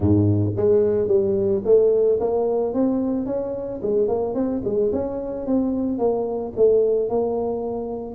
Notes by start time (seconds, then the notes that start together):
0.00 G#2
0.56 G#3
1.07 G3
1.64 A3
2.20 A#3
2.73 C4
3.26 C#4
3.82 G#3
4.08 A#3
4.34 C4
4.64 G#3
4.92 C#4
5.46 C4
5.98 A#3
6.56 A3
7.09 A#3